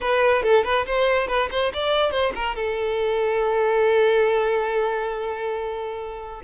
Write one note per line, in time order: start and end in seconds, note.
0.00 0.42 B4
0.42 0.64 A4
0.64 0.85 B4
0.86 1.27 C5
1.27 1.49 B4
1.51 1.72 C5
1.73 2.11 D5
2.11 2.32 C5
2.35 2.55 A#4
2.55 6.41 A4